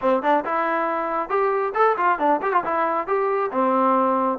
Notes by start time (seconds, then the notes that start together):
0.01 C4
0.22 D4
0.44 E4
1.29 G4
1.74 A4
1.97 F4
2.18 D4
2.41 G4
2.52 F4
2.64 E4
3.07 G4
3.51 C4